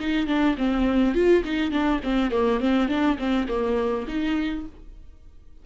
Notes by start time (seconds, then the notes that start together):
0.00 D#4
0.27 D4
0.58 C4
1.15 F4
1.45 D#4
1.72 D4
2.04 C4
2.32 A#3
2.61 C4
2.89 D4
3.19 C4
3.48 A#3
4.08 D#4